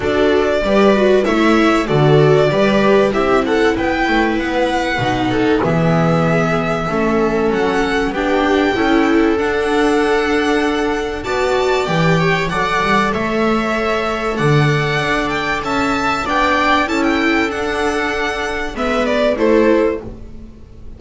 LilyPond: <<
  \new Staff \with { instrumentName = "violin" } { \time 4/4 \tempo 4 = 96 d''2 e''4 d''4~ | d''4 e''8 fis''8 g''4 fis''4~ | fis''4 e''2. | fis''4 g''2 fis''4~ |
fis''2 a''4 g''4 | fis''4 e''2 fis''4~ | fis''8 g''8 a''4 g''4 a''16 g''8. | fis''2 e''8 d''8 c''4 | }
  \new Staff \with { instrumentName = "viola" } { \time 4/4 a'4 b'4 cis''4 a'4 | b'4 g'8 a'8 b'2~ | b'8 a'8 gis'2 a'4~ | a'4 g'4 a'2~ |
a'2 d''4. cis''8 | d''4 cis''2 d''4~ | d''4 e''4 d''4 a'4~ | a'2 b'4 a'4 | }
  \new Staff \with { instrumentName = "viola" } { \time 4/4 fis'4 g'8 fis'8 e'4 fis'4 | g'4 e'2. | dis'4 b2 cis'4~ | cis'4 d'4 e'4 d'4~ |
d'2 fis'4 g'4 | a'1~ | a'2 d'4 e'4 | d'2 b4 e'4 | }
  \new Staff \with { instrumentName = "double bass" } { \time 4/4 d'4 g4 a4 d4 | g4 c'4 b8 a8 b4 | b,4 e2 a4 | fis4 b4 cis'4 d'4~ |
d'2 b4 e4 | fis8 g8 a2 d4 | d'4 cis'4 b4 cis'4 | d'2 gis4 a4 | }
>>